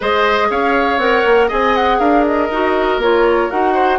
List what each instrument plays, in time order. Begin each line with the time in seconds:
0.00 bassoon G#3, clarinet G#4, oboe C5, flute D#5
0.50 bassoon C#4, oboe C#5, flute F5
0.97 bassoon C4, clarinet A#4, flute F#5
1.25 bassoon A#3
1.47 bassoon C4, clarinet G#4, oboe D#5, flute G#5
1.75 flute F#5
1.99 bassoon D4, oboe A#4, flute F5
2.26 flute D#5
2.50 bassoon D#4, clarinet F#4
2.97 bassoon A#3, clarinet F4, flute C#5
3.50 bassoon D#4, clarinet F#4, flute F#5
3.73 oboe C5